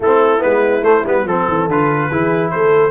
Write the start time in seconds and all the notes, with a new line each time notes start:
0.00 A3 C4 E4 A4
0.38 G#3 B3 B4
0.82 A3 C5
1.04 G3 B3 B4
1.24 F3 C4 A4
1.48 E3
1.68 D3 F4 B4
2.09 E3 E4 G#4
2.50 A3 A4 C5